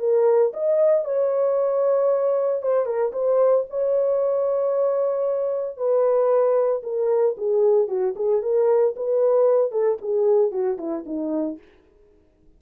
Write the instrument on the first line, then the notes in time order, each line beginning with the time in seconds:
horn
0.00 A#4
0.54 D#5
1.05 C#5
2.63 C5
2.86 A#4
3.13 C5
3.70 C#5
5.78 B4
6.84 A#4
7.38 G#4
7.88 F#4
8.16 G#4
8.43 A#4
8.97 B4
9.72 A4
10.02 G#4
10.52 F#4
10.78 E4
11.06 D#4